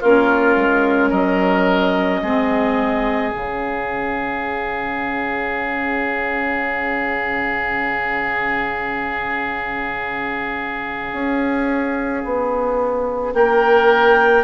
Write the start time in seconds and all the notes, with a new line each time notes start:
0.00 A#3 C#4 F4 A#4
0.56 G#3
1.09 F#3 A#4 D#5
2.22 G#3 C4 G#4
3.32 C#3 C#4 F5
11.12 C#4
12.24 B3
13.34 A#3 A#4 G5